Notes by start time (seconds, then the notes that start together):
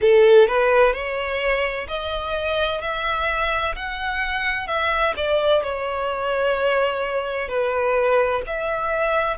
0.01 A4
0.47 B4
0.93 C#5
1.87 D#5
2.81 E5
3.75 F#5
4.67 E5
5.16 D5
5.62 C#5
7.48 B4
8.46 E5